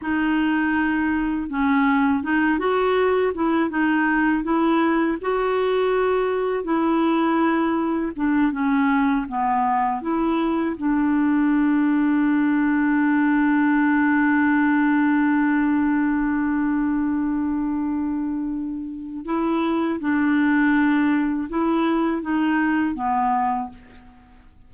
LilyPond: \new Staff \with { instrumentName = "clarinet" } { \time 4/4 \tempo 4 = 81 dis'2 cis'4 dis'8 fis'8~ | fis'8 e'8 dis'4 e'4 fis'4~ | fis'4 e'2 d'8 cis'8~ | cis'8 b4 e'4 d'4.~ |
d'1~ | d'1~ | d'2 e'4 d'4~ | d'4 e'4 dis'4 b4 | }